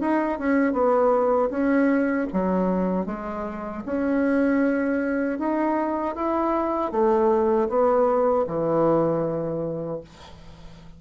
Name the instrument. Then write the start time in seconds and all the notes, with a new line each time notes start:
bassoon
0.00 D#4
0.38 C#4
0.73 B3
1.50 C#4
2.33 F#3
3.06 G#3
3.85 C#4
5.38 D#4
6.15 E4
6.91 A3
7.69 B3
8.47 E3